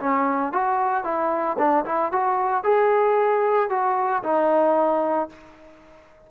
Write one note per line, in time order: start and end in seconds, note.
0.00 0.53 C#4
0.53 1.04 F#4
1.04 1.57 E4
1.59 1.85 D4
1.86 2.12 E4
2.12 2.64 F#4
2.64 3.70 G#4
3.70 4.23 F#4
4.24 5.30 D#4